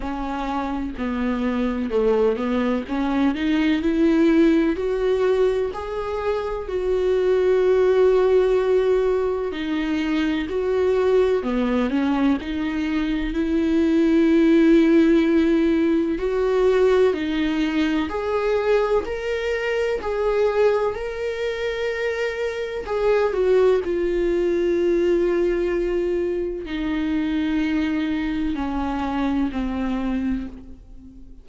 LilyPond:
\new Staff \with { instrumentName = "viola" } { \time 4/4 \tempo 4 = 63 cis'4 b4 a8 b8 cis'8 dis'8 | e'4 fis'4 gis'4 fis'4~ | fis'2 dis'4 fis'4 | b8 cis'8 dis'4 e'2~ |
e'4 fis'4 dis'4 gis'4 | ais'4 gis'4 ais'2 | gis'8 fis'8 f'2. | dis'2 cis'4 c'4 | }